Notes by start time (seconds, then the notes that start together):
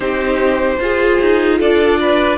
0.00 C4 D#4 G4 C5
0.79 F4 G#4
1.20 D#4
1.59 D4 A4 D5
2.00 B4